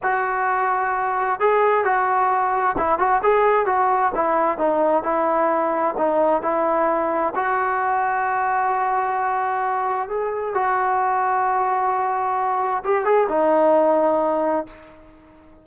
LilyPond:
\new Staff \with { instrumentName = "trombone" } { \time 4/4 \tempo 4 = 131 fis'2. gis'4 | fis'2 e'8 fis'8 gis'4 | fis'4 e'4 dis'4 e'4~ | e'4 dis'4 e'2 |
fis'1~ | fis'2 gis'4 fis'4~ | fis'1 | g'8 gis'8 dis'2. | }